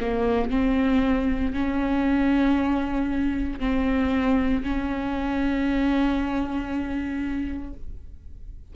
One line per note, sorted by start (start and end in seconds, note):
0.00 0.50 A#3
0.50 1.53 C4
1.53 3.59 C#4
3.59 4.63 C4
4.63 7.73 C#4